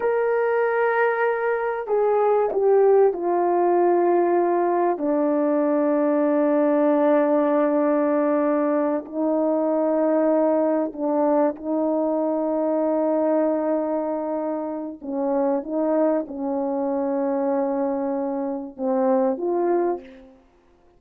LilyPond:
\new Staff \with { instrumentName = "horn" } { \time 4/4 \tempo 4 = 96 ais'2. gis'4 | g'4 f'2. | d'1~ | d'2~ d'8 dis'4.~ |
dis'4. d'4 dis'4.~ | dis'1 | cis'4 dis'4 cis'2~ | cis'2 c'4 f'4 | }